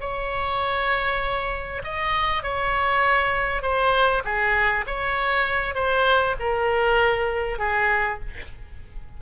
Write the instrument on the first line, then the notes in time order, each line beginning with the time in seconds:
oboe
0.00 C#5
1.83 D#5
2.43 C#5
3.62 C5
4.24 G#4
4.87 C#5
5.74 C5
6.39 A#4
7.58 G#4